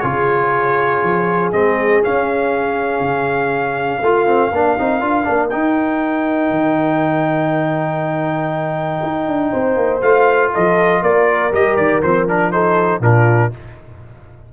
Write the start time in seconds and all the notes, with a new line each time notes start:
0.00 C#3 F4 G#4 C#5
1.02 F3
1.52 G#3 C4 D#5
2.03 C#4 F5
3.01 C#3
4.01 A3 F4
4.27 C4
4.52 A#3 D4 A#4
4.78 C4 D#4
5.01 D4 F4
5.24 A#3 D4
5.49 D#4 G5
6.51 D#3
9.03 D#4
9.27 D4
9.51 C4 C5
9.76 A#3
10.02 A3 F4 F5
10.53 F3 A4 D#5
11.02 A#3 A#4 D5
11.52 G3 G4 D#5
11.77 D#3 D5
12.02 F3 C4 C5
12.28 D4 A#4
12.52 D#4 A4 C5
13.00 A#2 D4 F4 A#4